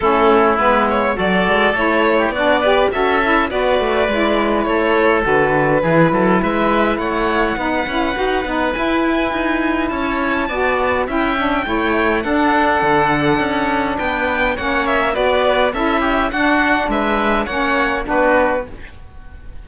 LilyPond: <<
  \new Staff \with { instrumentName = "violin" } { \time 4/4 \tempo 4 = 103 a'4 b'8 cis''8 d''4 cis''4 | d''4 e''4 d''2 | cis''4 b'2 e''4 | fis''2. gis''4~ |
gis''4 a''2 g''4~ | g''4 fis''2. | g''4 fis''8 e''8 d''4 e''4 | fis''4 e''4 fis''4 b'4 | }
  \new Staff \with { instrumentName = "oboe" } { \time 4/4 e'2 a'4.~ a'16 g'16 | fis'8 b'8 a'4 b'2 | a'2 gis'8 a'8 b'4 | cis''4 b'2.~ |
b'4 cis''4 d''4 e''4 | cis''4 a'2. | b'4 cis''4 b'4 a'8 g'8 | fis'4 b'4 cis''4 fis'4 | }
  \new Staff \with { instrumentName = "saxophone" } { \time 4/4 cis'4 b4 fis'4 e'4 | d'8 g'8 fis'8 e'8 fis'4 e'4~ | e'4 fis'4 e'2~ | e'4 dis'8 e'8 fis'8 dis'8 e'4~ |
e'2 fis'4 e'8 d'8 | e'4 d'2.~ | d'4 cis'4 fis'4 e'4 | d'2 cis'4 d'4 | }
  \new Staff \with { instrumentName = "cello" } { \time 4/4 a4 gis4 fis8 gis8 a4 | b4 cis'4 b8 a8 gis4 | a4 d4 e8 fis8 gis4 | a4 b8 cis'8 dis'8 b8 e'4 |
dis'4 cis'4 b4 cis'4 | a4 d'4 d4 cis'4 | b4 ais4 b4 cis'4 | d'4 gis4 ais4 b4 | }
>>